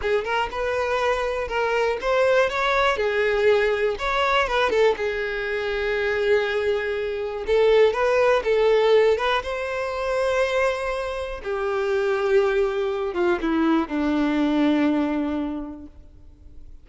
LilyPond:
\new Staff \with { instrumentName = "violin" } { \time 4/4 \tempo 4 = 121 gis'8 ais'8 b'2 ais'4 | c''4 cis''4 gis'2 | cis''4 b'8 a'8 gis'2~ | gis'2. a'4 |
b'4 a'4. b'8 c''4~ | c''2. g'4~ | g'2~ g'8 f'8 e'4 | d'1 | }